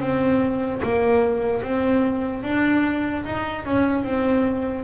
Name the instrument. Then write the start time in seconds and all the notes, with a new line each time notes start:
double bass
0.00 C4
0.83 A#3
1.62 C4
2.43 D4
3.24 D#4
3.65 C#4
4.04 C4